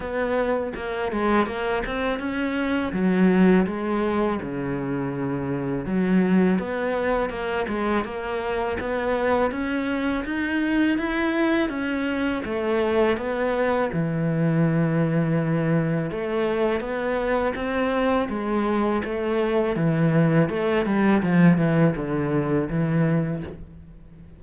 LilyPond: \new Staff \with { instrumentName = "cello" } { \time 4/4 \tempo 4 = 82 b4 ais8 gis8 ais8 c'8 cis'4 | fis4 gis4 cis2 | fis4 b4 ais8 gis8 ais4 | b4 cis'4 dis'4 e'4 |
cis'4 a4 b4 e4~ | e2 a4 b4 | c'4 gis4 a4 e4 | a8 g8 f8 e8 d4 e4 | }